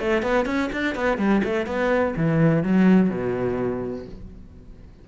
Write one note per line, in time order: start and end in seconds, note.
0.00 0.22 A3
0.22 0.46 B3
0.46 0.70 C#4
0.73 0.95 D4
0.95 1.18 B3
1.18 1.42 G3
1.44 1.67 A3
1.67 2.15 B3
2.17 2.64 E3
2.64 3.10 F#3
3.10 4.06 B2